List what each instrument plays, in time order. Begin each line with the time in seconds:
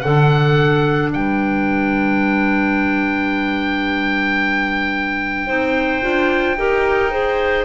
0.00 double bass D3, clarinet D4 A4, oboe F#5
1.12 double bass G3, clarinet B4, oboe G5
5.46 double bass C4, clarinet D#4 C5
6.02 double bass D4, clarinet F4
6.57 double bass D#4, clarinet G4 A#4
7.10 clarinet G#4 C5